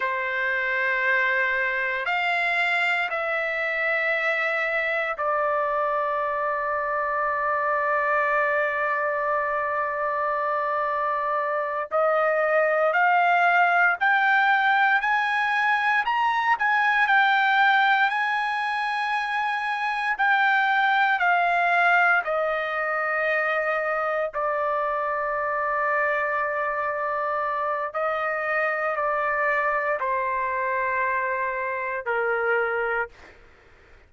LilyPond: \new Staff \with { instrumentName = "trumpet" } { \time 4/4 \tempo 4 = 58 c''2 f''4 e''4~ | e''4 d''2.~ | d''2.~ d''8 dis''8~ | dis''8 f''4 g''4 gis''4 ais''8 |
gis''8 g''4 gis''2 g''8~ | g''8 f''4 dis''2 d''8~ | d''2. dis''4 | d''4 c''2 ais'4 | }